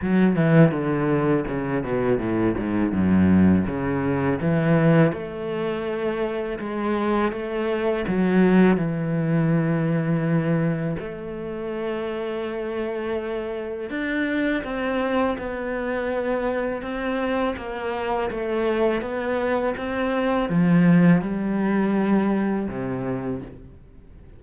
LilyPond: \new Staff \with { instrumentName = "cello" } { \time 4/4 \tempo 4 = 82 fis8 e8 d4 cis8 b,8 a,8 gis,8 | fis,4 cis4 e4 a4~ | a4 gis4 a4 fis4 | e2. a4~ |
a2. d'4 | c'4 b2 c'4 | ais4 a4 b4 c'4 | f4 g2 c4 | }